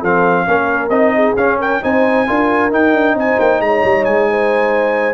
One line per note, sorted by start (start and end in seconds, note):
0.00 0.47 F3
0.00 0.46 C4
0.00 0.45 A4
0.00 0.89 F5
0.46 0.89 A#3
0.46 0.91 C#4
0.46 1.15 A#4
0.89 1.34 C4
0.89 1.36 D#4
0.89 1.34 D#5
1.15 1.58 G#4
1.36 1.81 C#4
1.36 1.82 C#4
1.36 1.59 F5
1.58 1.81 A#4
1.58 1.83 G5
1.82 2.28 C4
1.82 2.27 D#4
1.82 2.26 C5
1.82 2.73 G#5
2.26 2.71 D4
2.26 2.71 F4
2.26 3.16 A#4
2.71 2.93 D#4
2.71 5.14 D#4
2.71 3.18 G5
2.93 3.14 D4
3.14 3.37 C4
3.14 3.63 C5
3.14 3.40 G#5
3.39 3.60 A#3
3.39 3.61 G5
3.60 3.82 G#3
3.60 4.30 C#5
3.60 4.04 A#5
3.84 4.06 G3
4.04 5.14 G#3
4.04 5.14 G#5
4.30 5.14 C5